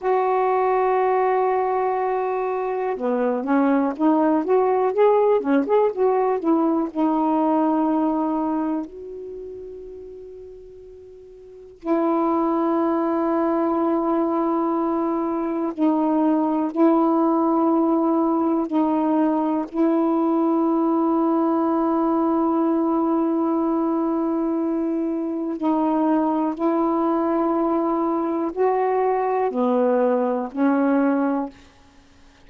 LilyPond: \new Staff \with { instrumentName = "saxophone" } { \time 4/4 \tempo 4 = 61 fis'2. b8 cis'8 | dis'8 fis'8 gis'8 cis'16 gis'16 fis'8 e'8 dis'4~ | dis'4 fis'2. | e'1 |
dis'4 e'2 dis'4 | e'1~ | e'2 dis'4 e'4~ | e'4 fis'4 b4 cis'4 | }